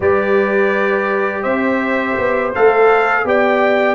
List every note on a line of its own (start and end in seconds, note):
0.00 1.44 G3
0.00 2.53 G4
0.00 1.42 B4
0.00 1.42 D5
1.42 2.16 C4
1.42 3.23 C5
1.42 2.51 E5
2.18 2.54 B3
2.55 3.24 A3
2.55 3.25 A4
2.55 3.27 F5
3.24 3.95 B3
3.24 3.95 G4
3.24 3.95 D5
3.24 3.95 G5